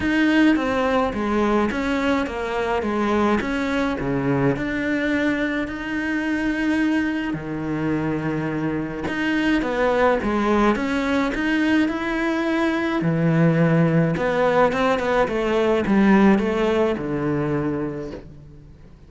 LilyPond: \new Staff \with { instrumentName = "cello" } { \time 4/4 \tempo 4 = 106 dis'4 c'4 gis4 cis'4 | ais4 gis4 cis'4 cis4 | d'2 dis'2~ | dis'4 dis2. |
dis'4 b4 gis4 cis'4 | dis'4 e'2 e4~ | e4 b4 c'8 b8 a4 | g4 a4 d2 | }